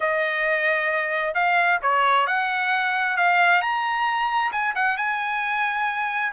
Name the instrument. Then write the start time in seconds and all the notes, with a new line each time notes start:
trumpet
0.00 D#5
1.34 F5
1.82 C#5
2.26 F#5
3.16 F5
3.61 A#5
4.52 G#5
4.75 F#5
4.97 G#5